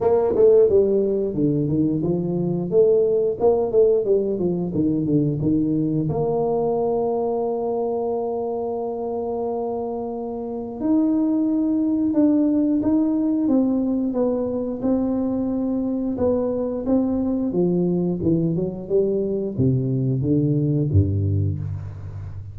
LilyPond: \new Staff \with { instrumentName = "tuba" } { \time 4/4 \tempo 4 = 89 ais8 a8 g4 d8 dis8 f4 | a4 ais8 a8 g8 f8 dis8 d8 | dis4 ais2.~ | ais1 |
dis'2 d'4 dis'4 | c'4 b4 c'2 | b4 c'4 f4 e8 fis8 | g4 c4 d4 g,4 | }